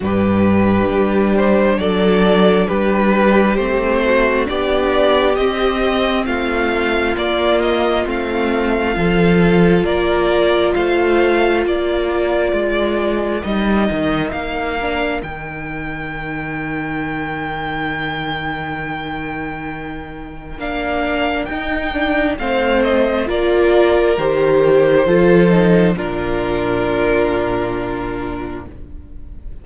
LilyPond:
<<
  \new Staff \with { instrumentName = "violin" } { \time 4/4 \tempo 4 = 67 b'4. c''8 d''4 b'4 | c''4 d''4 dis''4 f''4 | d''8 dis''8 f''2 d''4 | f''4 d''2 dis''4 |
f''4 g''2.~ | g''2. f''4 | g''4 f''8 dis''8 d''4 c''4~ | c''4 ais'2. | }
  \new Staff \with { instrumentName = "violin" } { \time 4/4 g'2 a'4 g'4~ | g'8 fis'8 g'2 f'4~ | f'2 a'4 ais'4 | c''4 ais'2.~ |
ais'1~ | ais'1~ | ais'4 c''4 ais'2 | a'4 f'2. | }
  \new Staff \with { instrumentName = "viola" } { \time 4/4 d'1 | c'4 d'4 c'2 | ais4 c'4 f'2~ | f'2. dis'4~ |
dis'8 d'8 dis'2.~ | dis'2. d'4 | dis'8 d'8 c'4 f'4 g'4 | f'8 dis'8 d'2. | }
  \new Staff \with { instrumentName = "cello" } { \time 4/4 g,4 g4 fis4 g4 | a4 b4 c'4 a4 | ais4 a4 f4 ais4 | a4 ais4 gis4 g8 dis8 |
ais4 dis2.~ | dis2. ais4 | dis'4 a4 ais4 dis4 | f4 ais,2. | }
>>